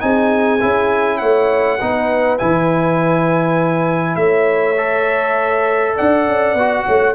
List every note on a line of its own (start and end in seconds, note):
0.00 0.62 C4
0.00 0.59 D#4
0.00 1.19 G#4
0.00 1.18 G#5
0.61 1.22 C#4
0.61 1.79 E4
1.18 1.81 A3
1.18 1.78 C#5
1.18 2.37 F#5
1.79 2.40 B3
1.79 2.39 D#4
1.79 4.17 B4
2.38 4.16 E3
2.38 4.76 E4
2.38 4.16 G#5
4.16 5.94 A3
4.16 5.96 C#5
4.16 5.94 E5
4.77 6.56 A4
5.96 6.28 D4
5.96 6.85 D5
5.96 7.14 F#5
6.28 6.54 C#4
6.54 6.84 B3
6.54 7.14 F#4
6.85 7.14 A3
6.85 7.14 C#5